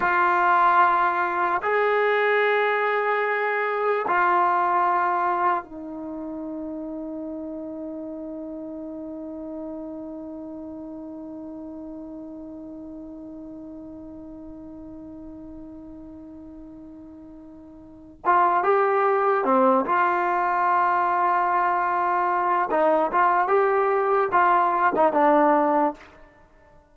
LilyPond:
\new Staff \with { instrumentName = "trombone" } { \time 4/4 \tempo 4 = 74 f'2 gis'2~ | gis'4 f'2 dis'4~ | dis'1~ | dis'1~ |
dis'1~ | dis'2~ dis'8 f'8 g'4 | c'8 f'2.~ f'8 | dis'8 f'8 g'4 f'8. dis'16 d'4 | }